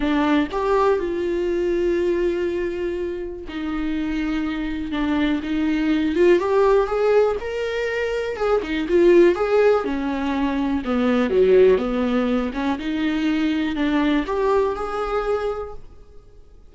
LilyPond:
\new Staff \with { instrumentName = "viola" } { \time 4/4 \tempo 4 = 122 d'4 g'4 f'2~ | f'2. dis'4~ | dis'2 d'4 dis'4~ | dis'8 f'8 g'4 gis'4 ais'4~ |
ais'4 gis'8 dis'8 f'4 gis'4 | cis'2 b4 fis4 | b4. cis'8 dis'2 | d'4 g'4 gis'2 | }